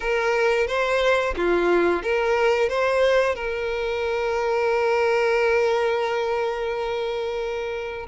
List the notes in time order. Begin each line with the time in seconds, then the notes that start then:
0.00 A#4
0.67 C5
1.36 F4
2.02 A#4
2.69 C5
3.35 A#4